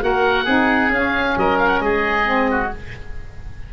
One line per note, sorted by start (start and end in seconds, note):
0.00 0.47 A#3
0.00 0.45 F#4
0.00 0.44 A#4
0.00 0.92 F#5
0.44 0.89 C4
0.44 0.90 D#4
0.44 1.33 G#4
0.89 1.34 C#4
0.89 2.24 C#4
0.89 1.38 F5
1.36 1.80 F#3
1.36 1.83 A#4
1.36 1.58 D#5
1.58 1.68 F5
1.68 1.79 F#5
1.80 2.69 G#3
1.80 2.50 G#4
1.80 2.70 D#5
2.24 2.69 C4
2.50 2.73 F#4